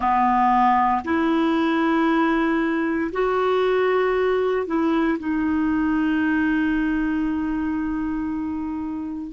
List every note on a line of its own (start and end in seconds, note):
0.00 1.03 B3
1.04 3.11 E4
3.12 4.66 F#4
4.66 5.18 E4
5.19 9.32 D#4